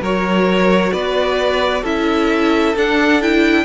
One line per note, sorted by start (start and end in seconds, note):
0.00 0.91 F#3
0.00 1.84 F#4
0.00 0.92 A#4
0.00 0.92 C#5
0.92 1.83 B3
0.92 1.81 B4
0.92 1.83 D5
1.81 2.74 C#4
1.81 2.75 E4
1.81 3.63 A4
1.81 2.76 E5
2.76 3.64 D4
2.76 3.21 D4
2.76 3.22 F#5
3.21 3.64 E4
3.21 3.64 G5